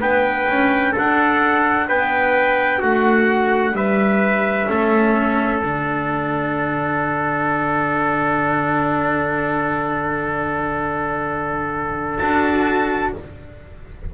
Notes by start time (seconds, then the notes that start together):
0.00 B3 D4 B4 G5
0.48 C#4
0.92 A4 F#5
0.98 D4
1.88 B3 B4 G5
2.78 A3 F#4 F#5
3.72 G3 B4 E5
4.68 A3 C#4 A4
5.62 D3 D4 F#5
12.18 D4 F#4 A5